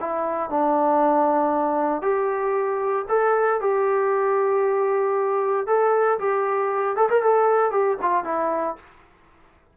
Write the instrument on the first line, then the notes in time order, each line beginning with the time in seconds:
trombone
0.00 E4
0.50 D4
2.01 G4
3.08 A4
3.60 G4
5.66 A4
6.19 G4
6.96 A4
7.09 A#4
7.22 A4
7.71 G4
8.01 F4
8.24 E4